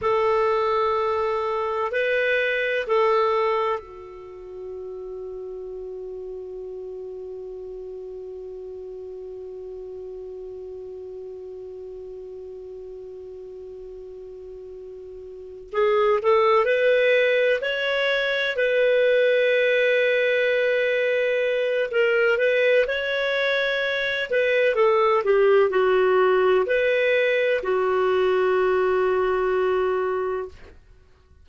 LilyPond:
\new Staff \with { instrumentName = "clarinet" } { \time 4/4 \tempo 4 = 63 a'2 b'4 a'4 | fis'1~ | fis'1~ | fis'1~ |
fis'8 gis'8 a'8 b'4 cis''4 b'8~ | b'2. ais'8 b'8 | cis''4. b'8 a'8 g'8 fis'4 | b'4 fis'2. | }